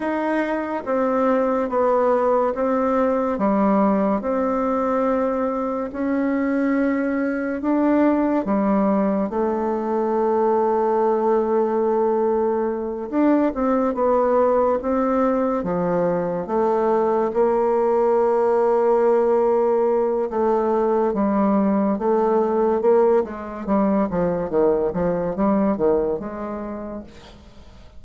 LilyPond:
\new Staff \with { instrumentName = "bassoon" } { \time 4/4 \tempo 4 = 71 dis'4 c'4 b4 c'4 | g4 c'2 cis'4~ | cis'4 d'4 g4 a4~ | a2.~ a8 d'8 |
c'8 b4 c'4 f4 a8~ | a8 ais2.~ ais8 | a4 g4 a4 ais8 gis8 | g8 f8 dis8 f8 g8 dis8 gis4 | }